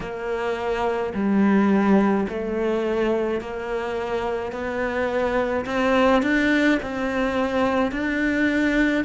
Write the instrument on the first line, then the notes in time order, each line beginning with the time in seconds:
cello
0.00 A#3
1.14 G3
2.28 A3
3.40 A#3
4.52 B3
5.66 C4
6.22 D4
6.82 C4
7.91 D4